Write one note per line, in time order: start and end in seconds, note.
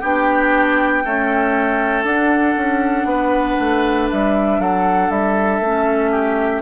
0.00 1.04 B3
0.00 1.04 D4
0.00 1.03 G4
0.00 2.03 G5
1.04 2.05 A3
1.04 2.03 C#4
1.04 3.08 A4
2.03 2.54 D4
2.03 5.63 D4
2.03 4.08 F#5
2.56 3.04 C#4
3.04 3.55 B3
3.04 4.60 B4
3.59 4.10 A3
4.10 4.58 G3
4.10 4.60 E5
4.58 5.09 F#3
4.58 6.11 A4
4.58 5.10 F#5
5.09 5.60 G3
5.09 6.62 E5
5.60 6.61 A3
5.60 6.62 C#4
6.11 6.62 G4